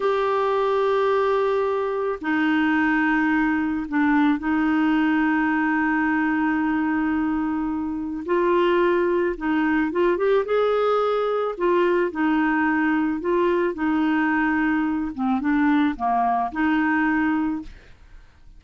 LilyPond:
\new Staff \with { instrumentName = "clarinet" } { \time 4/4 \tempo 4 = 109 g'1 | dis'2. d'4 | dis'1~ | dis'2. f'4~ |
f'4 dis'4 f'8 g'8 gis'4~ | gis'4 f'4 dis'2 | f'4 dis'2~ dis'8 c'8 | d'4 ais4 dis'2 | }